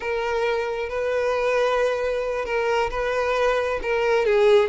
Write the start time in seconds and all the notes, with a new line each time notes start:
0.00 A#4
0.89 B4
2.45 A#4
2.90 B4
3.82 A#4
4.25 G#4